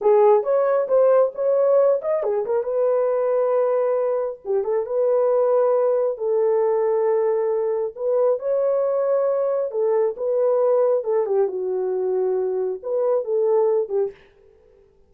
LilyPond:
\new Staff \with { instrumentName = "horn" } { \time 4/4 \tempo 4 = 136 gis'4 cis''4 c''4 cis''4~ | cis''8 dis''8 gis'8 ais'8 b'2~ | b'2 g'8 a'8 b'4~ | b'2 a'2~ |
a'2 b'4 cis''4~ | cis''2 a'4 b'4~ | b'4 a'8 g'8 fis'2~ | fis'4 b'4 a'4. g'8 | }